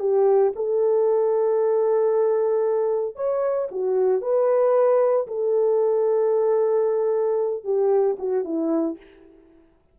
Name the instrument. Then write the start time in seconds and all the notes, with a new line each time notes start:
horn
0.00 G4
0.56 A4
3.16 C#5
3.72 F#4
4.22 B4
5.28 A4
7.65 G4
8.19 F#4
8.45 E4